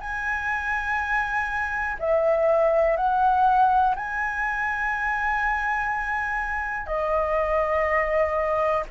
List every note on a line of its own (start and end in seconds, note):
0.00 1.97 G#5
1.99 2.96 E5
2.96 3.95 F#5
3.95 6.86 G#5
6.86 8.83 D#5